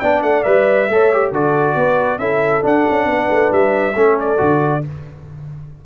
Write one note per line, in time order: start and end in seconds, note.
0.00 0.23 B3
0.00 0.44 D4
0.00 0.89 D5
0.00 0.22 G5
0.23 0.44 A3
0.23 0.43 F#5
0.43 0.89 G3
0.43 0.88 B4
0.43 1.31 E5
0.89 1.32 A3
0.89 1.13 A4
0.89 1.32 C#5
1.13 1.34 G4
1.32 1.75 D3
1.32 2.20 F#4
1.32 1.76 A4
1.32 2.19 D5
1.75 2.18 B3
1.75 2.21 B4
2.18 2.62 C#4
2.18 2.62 E4
2.18 3.08 A4
2.18 2.62 E5
2.62 3.93 D4
2.62 2.87 D4
2.62 3.53 F#5
2.90 3.06 C#4
3.06 3.28 B3
3.06 3.97 B4
3.29 3.51 A3
3.52 3.95 G3
3.52 4.19 E5
3.95 4.39 A3
3.95 4.37 C#4
3.95 4.84 A4
4.20 4.86 D5
4.37 4.84 D3
4.37 4.81 F#4